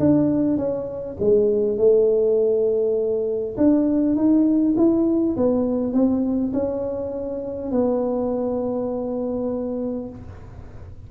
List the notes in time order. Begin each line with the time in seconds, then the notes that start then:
0.00 D4
0.58 C#4
1.20 G#3
1.78 A3
3.58 D4
4.16 D#4
4.77 E4
5.37 B3
5.94 C4
6.54 C#4
7.72 B3